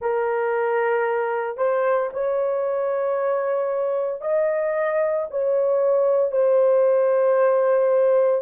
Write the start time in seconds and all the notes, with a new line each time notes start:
0.01 A#4
1.57 C5
2.13 C#5
4.21 D#5
5.30 C#5
6.32 C5